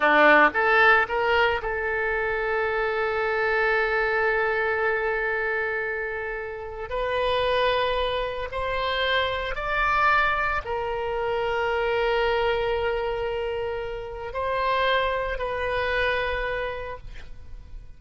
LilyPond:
\new Staff \with { instrumentName = "oboe" } { \time 4/4 \tempo 4 = 113 d'4 a'4 ais'4 a'4~ | a'1~ | a'1~ | a'4 b'2. |
c''2 d''2 | ais'1~ | ais'2. c''4~ | c''4 b'2. | }